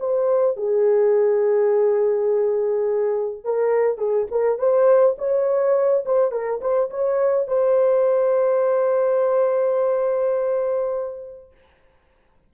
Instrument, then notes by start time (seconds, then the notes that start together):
horn
0.00 C5
0.57 G#4
3.45 A#4
3.98 G#4
4.31 A#4
4.59 C5
5.18 C#5
6.06 C5
6.32 A#4
6.61 C5
6.91 C#5
7.48 C5